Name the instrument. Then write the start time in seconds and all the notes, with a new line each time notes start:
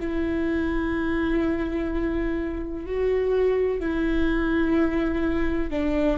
viola
0.00 E4
2.86 F#4
3.80 E4
5.70 D4